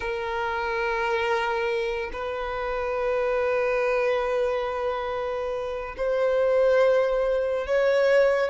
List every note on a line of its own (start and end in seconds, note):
0.00 2.10 A#4
2.12 5.95 B4
5.97 7.67 C5
7.67 8.49 C#5